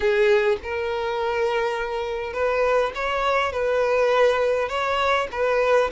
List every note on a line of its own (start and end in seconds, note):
0.00 0.57 G#4
0.63 2.33 A#4
2.33 2.92 B4
2.94 3.52 C#5
3.52 4.68 B4
4.68 5.27 C#5
5.31 5.90 B4